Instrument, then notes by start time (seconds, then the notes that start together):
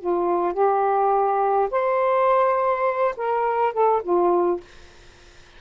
saxophone
0.00 F4
0.54 G4
1.71 C5
3.17 A#4
3.74 A4
4.03 F4